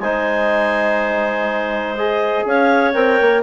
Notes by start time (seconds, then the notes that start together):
0.00 G#3 D#4 C5 G#5
1.97 G#4 D#5
2.45 C#4 C#5 F5
2.93 C4 A#4 G5
3.21 A#3